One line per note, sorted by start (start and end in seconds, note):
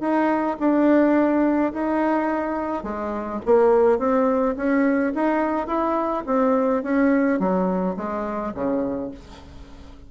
0.00 0.57 D#4
0.59 1.72 D4
1.73 2.83 D#4
2.83 3.40 G#3
3.45 3.99 A#3
3.99 4.55 C4
4.56 5.13 C#4
5.15 5.67 D#4
5.67 6.23 E4
6.26 6.83 C4
6.83 7.39 C#4
7.39 7.96 F#3
7.97 8.53 G#3
8.54 9.11 C#3